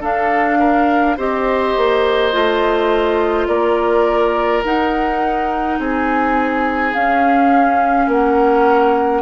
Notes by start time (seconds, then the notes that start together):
0.00 D4 A4 F5
0.59 A#4
1.17 C4 G4 C5 D#5
1.76 A#3
2.31 A3 F4
3.47 A#3 A#4 D5
4.64 D#4 F#5
5.78 C4 G#4 G#5
6.93 C#4 F5
8.07 A#3 A#4 F#5